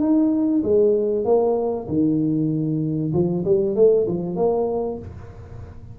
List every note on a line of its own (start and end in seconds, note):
0.00 0.62 D#4
0.63 1.25 G#3
1.25 1.87 A#3
1.88 3.13 D#3
3.13 3.44 F3
3.45 3.75 G3
3.75 4.07 A3
4.07 4.36 F3
4.36 4.98 A#3